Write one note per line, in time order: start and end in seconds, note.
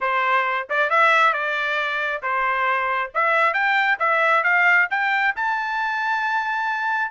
0.00 0.67 C5
0.69 0.90 D5
0.90 1.33 E5
1.33 2.22 D5
2.22 3.11 C5
3.14 3.53 E5
3.53 3.98 G5
3.99 4.43 E5
4.43 4.88 F5
4.90 5.34 G5
5.36 7.11 A5